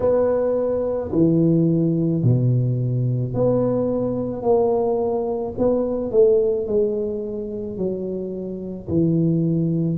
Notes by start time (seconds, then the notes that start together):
0.00 B3
1.12 E3
2.23 B2
3.33 B3
4.42 A#3
5.58 B3
6.11 A3
6.66 G#3
7.77 F#3
8.88 E3